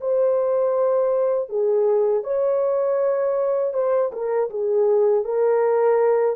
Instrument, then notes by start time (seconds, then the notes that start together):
horn
0.00 C5
1.49 G#4
2.23 C#5
3.73 C5
4.12 A#4
4.49 G#4
5.24 A#4